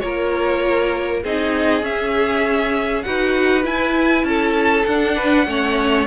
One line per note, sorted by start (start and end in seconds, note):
0.00 1.24 A#3
0.00 1.23 F4
0.00 1.23 A#4
0.00 1.21 C#5
1.23 1.83 C4
1.23 1.81 D#4
1.23 3.05 G#4
1.23 1.85 D#5
1.81 3.03 C#4
1.81 3.04 C#4
1.81 3.03 E5
3.03 3.65 D#4
3.03 3.63 F#4
3.03 4.27 B4
3.03 3.63 F#5
3.63 4.84 E4
3.63 4.24 E4
3.63 4.25 G#5
4.24 4.84 C#4
4.24 5.16 A4
4.24 4.86 A5
4.86 5.47 D4
4.86 6.06 F#5
5.16 5.46 B4
5.47 6.06 A3
5.47 6.06 C#4
5.47 6.06 C#5